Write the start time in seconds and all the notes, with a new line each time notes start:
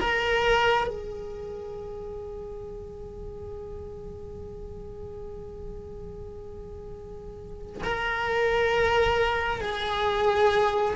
0.00 A#4
0.88 G#4
7.83 A#4
9.61 G#4